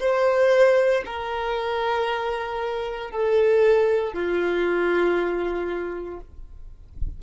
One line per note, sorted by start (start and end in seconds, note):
0.00 1.03 C5
1.06 3.11 A#4
3.11 4.13 A4
4.13 6.20 F4